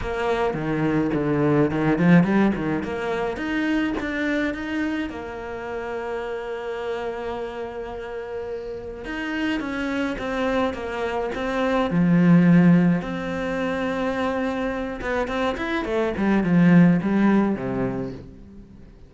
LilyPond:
\new Staff \with { instrumentName = "cello" } { \time 4/4 \tempo 4 = 106 ais4 dis4 d4 dis8 f8 | g8 dis8 ais4 dis'4 d'4 | dis'4 ais2.~ | ais1 |
dis'4 cis'4 c'4 ais4 | c'4 f2 c'4~ | c'2~ c'8 b8 c'8 e'8 | a8 g8 f4 g4 c4 | }